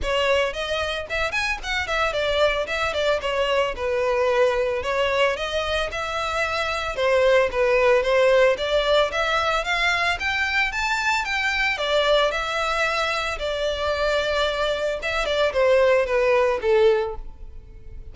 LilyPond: \new Staff \with { instrumentName = "violin" } { \time 4/4 \tempo 4 = 112 cis''4 dis''4 e''8 gis''8 fis''8 e''8 | d''4 e''8 d''8 cis''4 b'4~ | b'4 cis''4 dis''4 e''4~ | e''4 c''4 b'4 c''4 |
d''4 e''4 f''4 g''4 | a''4 g''4 d''4 e''4~ | e''4 d''2. | e''8 d''8 c''4 b'4 a'4 | }